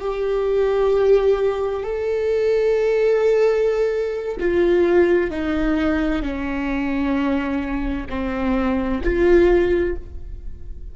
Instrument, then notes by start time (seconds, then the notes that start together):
viola
0.00 G4
1.83 A4
4.40 F4
5.31 D#4
6.22 C#4
8.09 C4
9.03 F4